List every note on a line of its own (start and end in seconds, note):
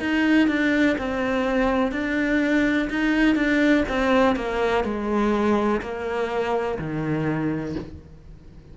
0.00 0.48 D#4
0.48 0.96 D4
0.99 1.92 C4
1.92 2.89 D4
2.90 3.36 D#4
3.36 3.84 D4
3.88 4.35 C4
4.35 4.84 A#3
4.84 5.81 G#3
5.82 6.78 A#3
6.79 7.76 D#3